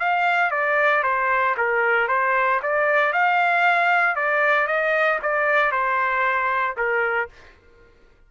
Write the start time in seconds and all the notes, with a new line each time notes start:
0.00 F5
0.51 D5
1.03 C5
1.58 A#4
2.09 C5
2.63 D5
3.13 F5
4.16 D5
4.68 D#5
5.23 D5
5.72 C5
6.77 A#4